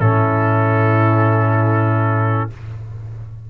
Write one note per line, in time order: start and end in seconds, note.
0.00 2.50 A2
0.00 2.50 C#4
0.00 2.50 E4
0.00 2.50 A4